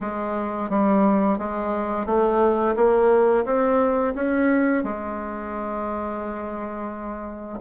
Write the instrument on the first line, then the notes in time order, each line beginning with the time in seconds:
bassoon
0.01 G#3
0.69 G3
1.38 G#3
2.06 A3
2.76 A#3
3.45 C4
4.14 C#4
4.83 G#3